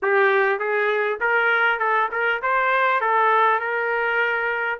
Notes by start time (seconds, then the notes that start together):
0.02 G4
0.59 G#4
1.20 A#4
1.79 A4
2.11 A#4
2.42 C5
3.00 A4
3.59 A#4